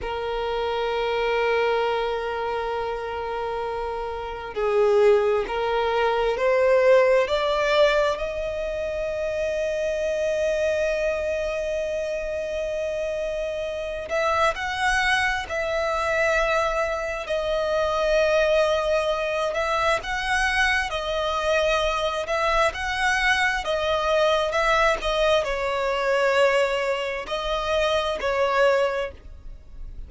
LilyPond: \new Staff \with { instrumentName = "violin" } { \time 4/4 \tempo 4 = 66 ais'1~ | ais'4 gis'4 ais'4 c''4 | d''4 dis''2.~ | dis''2.~ dis''8 e''8 |
fis''4 e''2 dis''4~ | dis''4. e''8 fis''4 dis''4~ | dis''8 e''8 fis''4 dis''4 e''8 dis''8 | cis''2 dis''4 cis''4 | }